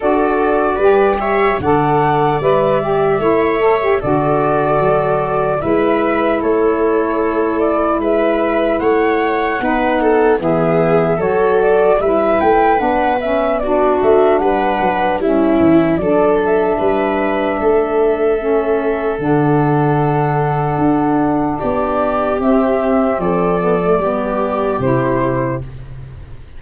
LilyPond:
<<
  \new Staff \with { instrumentName = "flute" } { \time 4/4 \tempo 4 = 75 d''4. e''8 fis''4 e''4~ | e''4 d''2 e''4 | cis''4. d''8 e''4 fis''4~ | fis''4 e''4 cis''8 d''8 e''8 g''8 |
fis''8 e''8 d''8 e''8 fis''4 e''4 | d''8 e''2.~ e''8 | fis''2. d''4 | e''4 d''2 c''4 | }
  \new Staff \with { instrumentName = "viola" } { \time 4/4 a'4 b'8 cis''8 d''2 | cis''4 a'2 b'4 | a'2 b'4 cis''4 | b'8 a'8 gis'4 a'4 b'4~ |
b'4 fis'4 b'4 e'4 | a'4 b'4 a'2~ | a'2. g'4~ | g'4 a'4 g'2 | }
  \new Staff \with { instrumentName = "saxophone" } { \time 4/4 fis'4 g'4 a'4 b'8 g'8 | e'8 a'16 g'16 fis'2 e'4~ | e'1 | dis'4 b4 fis'4 e'4 |
d'8 cis'8 d'2 cis'4 | d'2. cis'4 | d'1 | c'4. b16 a16 b4 e'4 | }
  \new Staff \with { instrumentName = "tuba" } { \time 4/4 d'4 g4 d4 g4 | a4 d4 fis4 gis4 | a2 gis4 a4 | b4 e4 fis4 g8 a8 |
b4. a8 g8 fis8 g8 e8 | fis4 g4 a2 | d2 d'4 b4 | c'4 f4 g4 c4 | }
>>